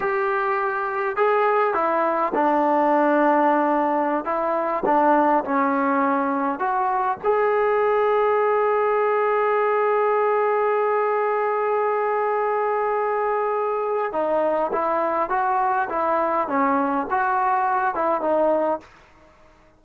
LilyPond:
\new Staff \with { instrumentName = "trombone" } { \time 4/4 \tempo 4 = 102 g'2 gis'4 e'4 | d'2.~ d'16 e'8.~ | e'16 d'4 cis'2 fis'8.~ | fis'16 gis'2.~ gis'8.~ |
gis'1~ | gis'1 | dis'4 e'4 fis'4 e'4 | cis'4 fis'4. e'8 dis'4 | }